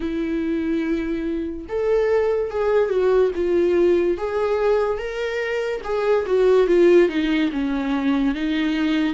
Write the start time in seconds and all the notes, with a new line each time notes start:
0.00 E4
1.69 A4
2.50 G#4
2.89 F#4
3.35 F4
4.17 G#4
4.98 A#4
5.83 G#4
6.26 F#4
6.67 F4
7.08 D#4
7.52 C#4
8.34 D#4